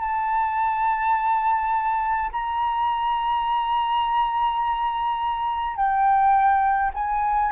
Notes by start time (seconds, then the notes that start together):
0.00 A5
2.32 A#5
5.76 G5
6.94 G#5